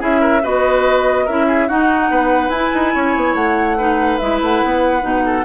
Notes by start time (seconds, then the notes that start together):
0.00 C#4 E4 G#4 E5
0.21 A#4
0.43 B3 F#4 B4 D#5
1.25 C#4 E4 A#4 E5
1.47 G#4
1.68 D#4 F#4 F#5
2.10 B3 B4
2.49 E4 G#5
2.74 D#4
2.94 C#4 C#5
3.16 B3
3.34 A3 F#5
3.77 D#4 B4
4.18 G#3 E4 E5
4.42 A3 F#5
4.64 B3
5.01 B2 D#4
5.25 A4